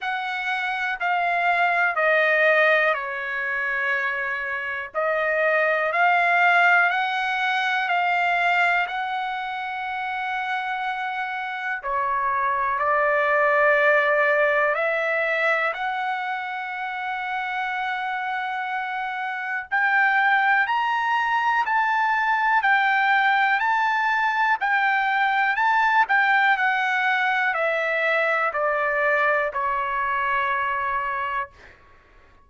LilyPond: \new Staff \with { instrumentName = "trumpet" } { \time 4/4 \tempo 4 = 61 fis''4 f''4 dis''4 cis''4~ | cis''4 dis''4 f''4 fis''4 | f''4 fis''2. | cis''4 d''2 e''4 |
fis''1 | g''4 ais''4 a''4 g''4 | a''4 g''4 a''8 g''8 fis''4 | e''4 d''4 cis''2 | }